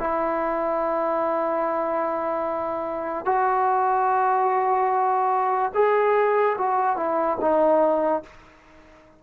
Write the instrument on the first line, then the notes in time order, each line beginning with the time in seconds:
trombone
0.00 E4
3.25 F#4
5.75 G#4
6.58 F#4
6.97 E4
7.41 D#4